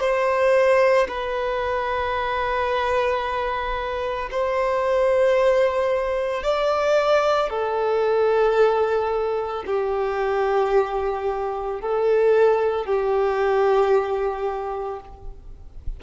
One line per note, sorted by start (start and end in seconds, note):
0.00 1.07 C5
1.08 4.30 B4
4.31 6.43 C5
6.43 7.50 D5
7.50 9.64 A4
9.67 11.81 G4
11.81 12.86 A4
12.86 15.00 G4